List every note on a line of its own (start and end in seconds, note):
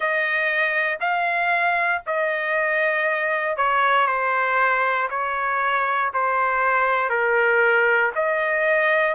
0.00 0.98 D#5
1.00 2.02 F5
2.06 3.56 D#5
3.56 4.07 C#5
4.07 5.08 C5
5.09 6.11 C#5
6.13 7.09 C5
7.09 8.11 A#4
8.14 9.14 D#5